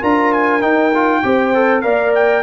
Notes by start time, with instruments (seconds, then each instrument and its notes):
0.00 tuba D4, trombone F4, horn A#4, trumpet A#5
0.33 trumpet G#5
0.61 trombone D#4, tuba D#4, trumpet G5
0.94 trombone F4
1.23 tuba C4, trombone G4, horn C5
1.54 trombone A4
1.81 tuba A#3, trombone A#4, horn D5, trumpet F5
2.15 trumpet G5